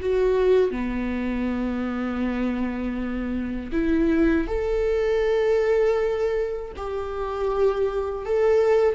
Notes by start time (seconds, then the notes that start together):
0.00 F#4
0.71 B3
3.72 E4
4.47 A4
6.77 G4
8.25 A4